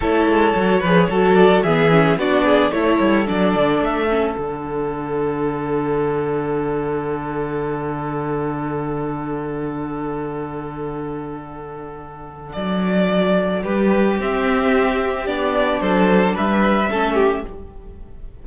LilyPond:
<<
  \new Staff \with { instrumentName = "violin" } { \time 4/4 \tempo 4 = 110 cis''2~ cis''8 d''8 e''4 | d''4 cis''4 d''4 e''4 | fis''1~ | fis''1~ |
fis''1~ | fis''2. d''4~ | d''4 b'4 e''2 | d''4 c''4 e''2 | }
  \new Staff \with { instrumentName = "violin" } { \time 4/4 a'4. b'8 a'4 gis'4 | fis'8 gis'8 a'2.~ | a'1~ | a'1~ |
a'1~ | a'1~ | a'4 g'2.~ | g'4 a'4 b'4 a'8 g'8 | }
  \new Staff \with { instrumentName = "viola" } { \time 4/4 e'4 fis'8 gis'8 fis'4 b8 cis'8 | d'4 e'4 d'4. cis'8 | d'1~ | d'1~ |
d'1~ | d'1~ | d'2 c'2 | d'2. cis'4 | }
  \new Staff \with { instrumentName = "cello" } { \time 4/4 a8 gis8 fis8 f8 fis4 e4 | b4 a8 g8 fis8 d8 a4 | d1~ | d1~ |
d1~ | d2. fis4~ | fis4 g4 c'2 | b4 fis4 g4 a4 | }
>>